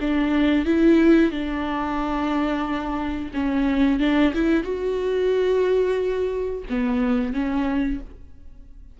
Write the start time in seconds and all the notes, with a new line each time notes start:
0.00 D4
0.65 E4
1.31 D4
3.33 C#4
3.99 D4
4.34 E4
4.63 F#4
6.69 B3
7.33 C#4